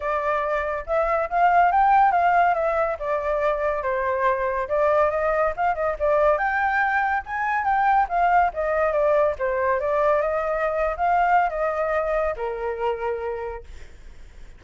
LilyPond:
\new Staff \with { instrumentName = "flute" } { \time 4/4 \tempo 4 = 141 d''2 e''4 f''4 | g''4 f''4 e''4 d''4~ | d''4 c''2 d''4 | dis''4 f''8 dis''8 d''4 g''4~ |
g''4 gis''4 g''4 f''4 | dis''4 d''4 c''4 d''4 | dis''4.~ dis''16 f''4~ f''16 dis''4~ | dis''4 ais'2. | }